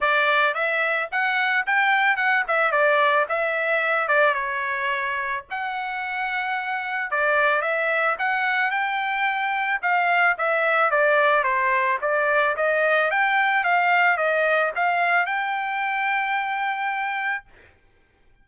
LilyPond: \new Staff \with { instrumentName = "trumpet" } { \time 4/4 \tempo 4 = 110 d''4 e''4 fis''4 g''4 | fis''8 e''8 d''4 e''4. d''8 | cis''2 fis''2~ | fis''4 d''4 e''4 fis''4 |
g''2 f''4 e''4 | d''4 c''4 d''4 dis''4 | g''4 f''4 dis''4 f''4 | g''1 | }